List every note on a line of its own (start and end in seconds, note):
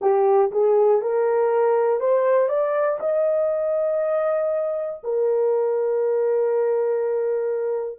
0.00 0.50 G4
0.51 1.01 G#4
1.01 2.00 A#4
2.00 2.48 C5
2.48 2.98 D5
3.00 5.00 D#5
5.03 7.99 A#4